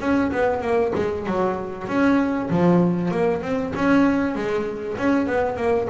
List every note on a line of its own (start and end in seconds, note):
0.00 0.31 C#4
0.31 0.62 B3
0.62 0.93 A#3
0.95 1.26 G#3
1.26 1.88 F#3
1.88 2.49 C#4
2.50 3.11 F3
3.11 3.42 A#3
3.42 3.73 C4
3.75 4.35 C#4
4.35 4.97 G#3
4.97 5.27 C#4
5.27 5.56 B3
5.56 5.87 A#3